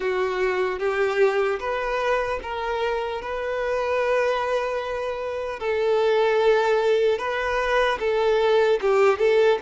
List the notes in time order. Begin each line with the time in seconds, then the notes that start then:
0.00 F#4
0.79 G4
1.59 B4
2.42 A#4
3.21 B4
5.59 A4
7.18 B4
7.99 A4
8.81 G4
9.18 A4